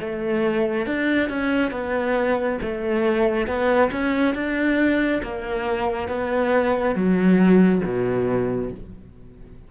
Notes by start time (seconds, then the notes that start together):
0.00 A3
0.87 D4
1.30 C#4
1.72 B3
2.62 A3
3.47 B3
3.92 C#4
4.35 D4
5.23 A#3
6.09 B3
6.95 F#3
7.85 B2